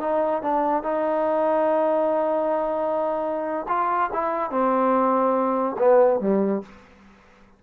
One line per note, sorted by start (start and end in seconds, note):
0.00 0.42 D#4
0.42 0.83 D4
0.83 3.66 D#4
3.68 4.10 F4
4.13 4.50 E4
4.50 5.76 C4
5.78 6.20 B3
6.20 6.62 G3